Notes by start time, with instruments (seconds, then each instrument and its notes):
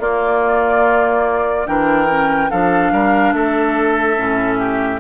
0.00 bassoon A#3, clarinet A#3, oboe F4, flute D5
1.66 bassoon E3, clarinet D4, oboe A#4, flute G5
2.09 clarinet C#4
2.50 bassoon F3, clarinet D4, oboe A4, flute F5
2.92 bassoon G3, oboe A#4
3.34 bassoon A3, oboe A4, flute E5
4.16 bassoon A2, clarinet C#4
4.59 oboe G4